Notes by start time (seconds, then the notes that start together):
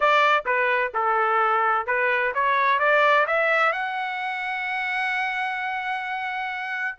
0.00 D5
0.45 B4
0.94 A4
1.86 B4
2.34 C#5
2.79 D5
3.26 E5
3.72 F#5